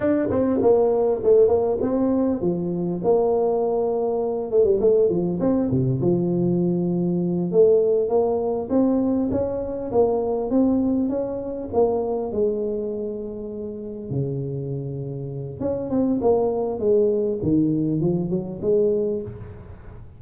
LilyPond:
\new Staff \with { instrumentName = "tuba" } { \time 4/4 \tempo 4 = 100 d'8 c'8 ais4 a8 ais8 c'4 | f4 ais2~ ais8 a16 g16 | a8 f8 c'8 c8 f2~ | f8 a4 ais4 c'4 cis'8~ |
cis'8 ais4 c'4 cis'4 ais8~ | ais8 gis2. cis8~ | cis2 cis'8 c'8 ais4 | gis4 dis4 f8 fis8 gis4 | }